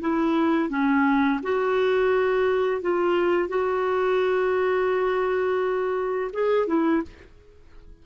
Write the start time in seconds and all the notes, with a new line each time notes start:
0.00 E4
0.69 C#4
1.43 F#4
2.81 F4
3.48 F#4
6.33 G#4
6.67 E4